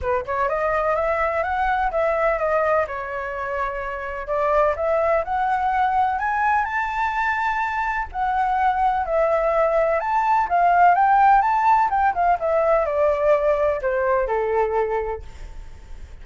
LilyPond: \new Staff \with { instrumentName = "flute" } { \time 4/4 \tempo 4 = 126 b'8 cis''8 dis''4 e''4 fis''4 | e''4 dis''4 cis''2~ | cis''4 d''4 e''4 fis''4~ | fis''4 gis''4 a''2~ |
a''4 fis''2 e''4~ | e''4 a''4 f''4 g''4 | a''4 g''8 f''8 e''4 d''4~ | d''4 c''4 a'2 | }